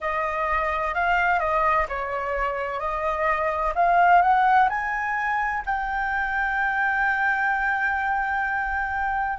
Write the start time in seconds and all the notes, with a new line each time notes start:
0.00 D#5
0.94 F5
1.39 D#5
1.88 C#5
2.79 D#5
3.75 F5
4.21 F#5
4.69 G#5
5.65 G5